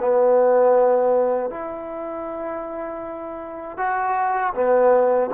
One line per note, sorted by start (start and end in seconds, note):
0.00 1.50 B3
1.50 3.77 E4
3.77 4.53 F#4
4.54 5.30 B3